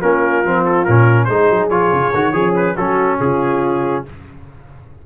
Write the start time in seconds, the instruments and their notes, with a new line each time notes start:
0.00 tuba A#3, trombone C#4, horn F4, trumpet A#4
0.44 tuba F3, trombone C4
0.65 trumpet A4
0.85 tuba A#2, trombone C#4, trumpet A#4
1.24 tuba G#3, trombone D#4, horn G#4, trumpet C5
1.50 tuba F#3
1.70 tuba F3, trombone F4, trumpet C#5
1.92 tuba C#3
2.14 tuba D#3, trombone F#4
2.33 tuba F3, horn C#4, trombone G#4
2.55 trumpet B4
2.76 tuba F#3, trombone C#4, horn F#4, trumpet A4
3.20 tuba C#3, horn F4, trumpet G#4